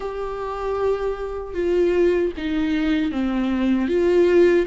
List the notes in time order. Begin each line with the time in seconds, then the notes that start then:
0.00 G4
1.54 F4
2.37 D#4
3.11 C4
3.87 F4